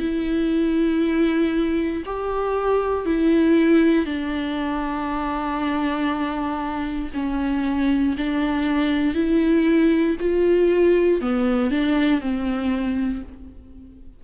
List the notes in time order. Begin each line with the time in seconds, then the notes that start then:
0.00 E4
2.06 G4
3.06 E4
4.06 D4
7.14 C#4
8.18 D4
9.15 E4
10.20 F4
11.21 B3
11.71 D4
12.21 C4